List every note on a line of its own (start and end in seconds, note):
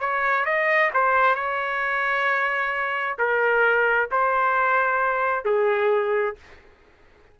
0.00 0.45 C#5
0.45 0.91 D#5
0.94 1.35 C5
1.35 3.17 C#5
3.19 4.10 A#4
4.11 5.45 C5
5.45 6.36 G#4